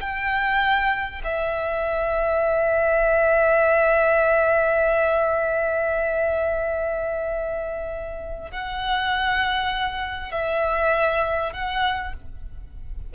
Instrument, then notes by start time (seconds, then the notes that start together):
violin
0.00 G5
1.24 E5
8.51 F#5
10.31 E5
11.52 F#5